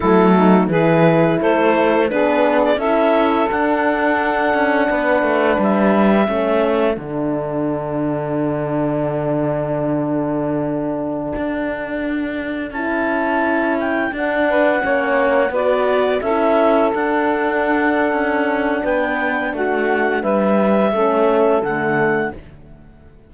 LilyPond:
<<
  \new Staff \with { instrumentName = "clarinet" } { \time 4/4 \tempo 4 = 86 a'4 b'4 c''4 b'8. d''16 | e''4 fis''2. | e''2 fis''2~ | fis''1~ |
fis''2~ fis''16 a''4. g''16~ | g''16 fis''2 d''4 e''8.~ | e''16 fis''2~ fis''8. g''4 | fis''4 e''2 fis''4 | }
  \new Staff \with { instrumentName = "saxophone" } { \time 4/4 e'8 dis'8 gis'4 a'4 gis'4 | a'2. b'4~ | b'4 a'2.~ | a'1~ |
a'1~ | a'8. b'8 cis''4 b'4 a'8.~ | a'2. b'4 | fis'4 b'4 a'2 | }
  \new Staff \with { instrumentName = "horn" } { \time 4/4 a4 e'2 d'4 | e'4 d'2.~ | d'4 cis'4 d'2~ | d'1~ |
d'2~ d'16 e'4.~ e'16~ | e'16 d'4 cis'4 fis'4 e'8.~ | e'16 d'2.~ d'8.~ | d'2 cis'4 a4 | }
  \new Staff \with { instrumentName = "cello" } { \time 4/4 fis4 e4 a4 b4 | cis'4 d'4. cis'8 b8 a8 | g4 a4 d2~ | d1~ |
d16 d'2 cis'4.~ cis'16~ | cis'16 d'4 ais4 b4 cis'8.~ | cis'16 d'4.~ d'16 cis'4 b4 | a4 g4 a4 d4 | }
>>